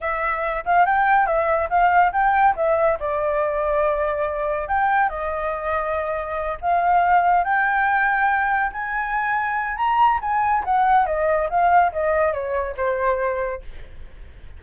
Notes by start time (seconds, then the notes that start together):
0.00 E5
0.65 F5
0.85 G5
1.26 E5
1.69 F5
2.12 G5
2.56 E5
2.99 D5
4.68 G5
5.09 D#5
6.61 F5
7.44 G5
8.72 G#5
9.76 A#5
10.21 G#5
10.64 F#5
11.06 D#5
11.49 F5
11.92 D#5
12.32 C#5
12.77 C5